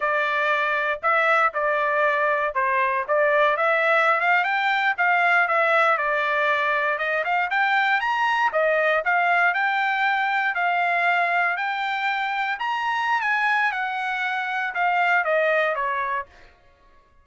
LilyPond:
\new Staff \with { instrumentName = "trumpet" } { \time 4/4 \tempo 4 = 118 d''2 e''4 d''4~ | d''4 c''4 d''4 e''4~ | e''16 f''8 g''4 f''4 e''4 d''16~ | d''4.~ d''16 dis''8 f''8 g''4 ais''16~ |
ais''8. dis''4 f''4 g''4~ g''16~ | g''8. f''2 g''4~ g''16~ | g''8. ais''4~ ais''16 gis''4 fis''4~ | fis''4 f''4 dis''4 cis''4 | }